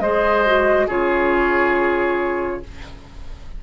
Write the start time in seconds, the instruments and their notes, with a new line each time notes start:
0.00 bassoon G#3, clarinet G#4, oboe C5, flute D#5
0.46 clarinet F#4
0.87 bassoon C#3, clarinet F4, oboe G#4, flute C#5